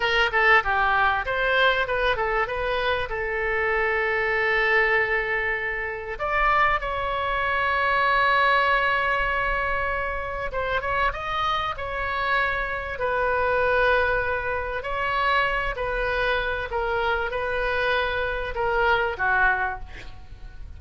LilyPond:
\new Staff \with { instrumentName = "oboe" } { \time 4/4 \tempo 4 = 97 ais'8 a'8 g'4 c''4 b'8 a'8 | b'4 a'2.~ | a'2 d''4 cis''4~ | cis''1~ |
cis''4 c''8 cis''8 dis''4 cis''4~ | cis''4 b'2. | cis''4. b'4. ais'4 | b'2 ais'4 fis'4 | }